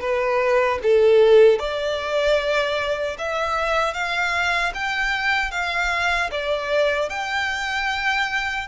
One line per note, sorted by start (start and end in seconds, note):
0.00 0.79 B4
0.83 1.59 A4
1.59 3.17 D5
3.18 3.94 E5
3.94 4.73 F5
4.74 5.51 G5
5.51 6.30 F5
6.31 7.09 D5
7.09 8.67 G5